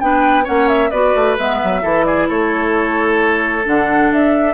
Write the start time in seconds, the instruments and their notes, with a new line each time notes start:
0.00 bassoon B3, clarinet D4, oboe B4, flute G5
0.44 bassoon A#3, clarinet C#4, oboe C#5, flute F#5
0.68 flute E5
0.90 bassoon B3, clarinet F#4, oboe B4, flute D5
1.15 bassoon A3
1.38 bassoon G#3, clarinet B3, flute E5
1.63 bassoon F#3
1.81 bassoon E3, clarinet E4, oboe A4
2.05 oboe G#4, flute D5
2.28 bassoon A3, oboe A4, flute C#5
3.64 bassoon D3, clarinet D4, flute F#5
4.12 bassoon D4, flute E5